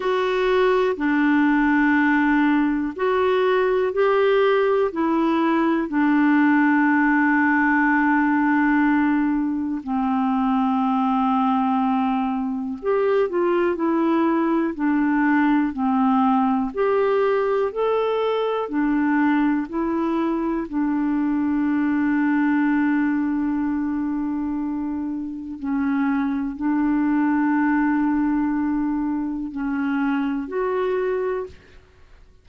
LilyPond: \new Staff \with { instrumentName = "clarinet" } { \time 4/4 \tempo 4 = 61 fis'4 d'2 fis'4 | g'4 e'4 d'2~ | d'2 c'2~ | c'4 g'8 f'8 e'4 d'4 |
c'4 g'4 a'4 d'4 | e'4 d'2.~ | d'2 cis'4 d'4~ | d'2 cis'4 fis'4 | }